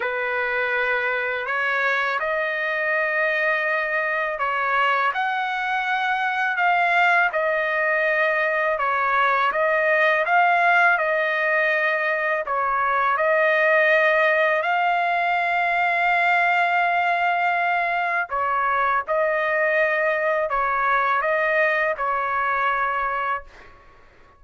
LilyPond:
\new Staff \with { instrumentName = "trumpet" } { \time 4/4 \tempo 4 = 82 b'2 cis''4 dis''4~ | dis''2 cis''4 fis''4~ | fis''4 f''4 dis''2 | cis''4 dis''4 f''4 dis''4~ |
dis''4 cis''4 dis''2 | f''1~ | f''4 cis''4 dis''2 | cis''4 dis''4 cis''2 | }